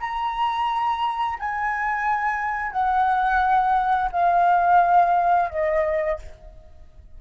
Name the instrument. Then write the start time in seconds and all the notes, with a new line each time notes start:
flute
0.00 A#5
1.39 G#5
2.71 F#5
4.12 F5
5.50 D#5